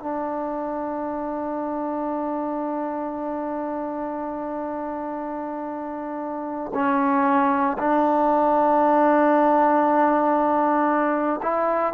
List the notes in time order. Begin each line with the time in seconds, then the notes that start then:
0.00 D4
6.74 C#4
7.79 D4
11.43 E4